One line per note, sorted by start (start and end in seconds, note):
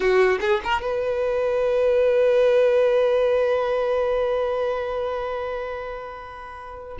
0.00 0.38 F#4
0.40 0.61 G#4
0.64 0.81 A#4
0.81 6.98 B4